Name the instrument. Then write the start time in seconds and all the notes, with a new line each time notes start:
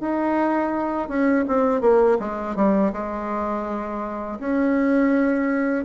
bassoon
0.00 D#4
1.08 C#4
1.47 C4
1.81 A#3
2.19 G#3
2.55 G3
2.93 G#3
4.39 C#4